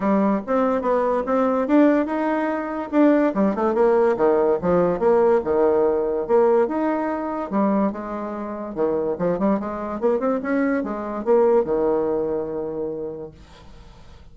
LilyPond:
\new Staff \with { instrumentName = "bassoon" } { \time 4/4 \tempo 4 = 144 g4 c'4 b4 c'4 | d'4 dis'2 d'4 | g8 a8 ais4 dis4 f4 | ais4 dis2 ais4 |
dis'2 g4 gis4~ | gis4 dis4 f8 g8 gis4 | ais8 c'8 cis'4 gis4 ais4 | dis1 | }